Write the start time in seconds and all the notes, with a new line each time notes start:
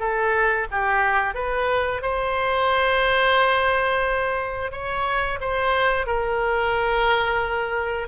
0.00 A4
0.71 G4
1.35 B4
2.02 C5
4.72 C#5
5.41 C5
6.07 A#4